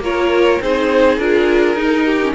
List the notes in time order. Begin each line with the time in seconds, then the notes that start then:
0.00 A#3 F4 A#4 C#5
0.62 C4 D#4 G#4 C5
1.17 D4 F4 A#4
1.75 D#4
2.05 G4
2.22 C#4